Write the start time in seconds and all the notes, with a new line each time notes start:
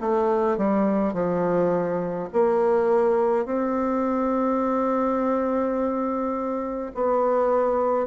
0.00 A3
0.57 G3
1.13 F3
2.33 A#3
3.46 C4
6.94 B3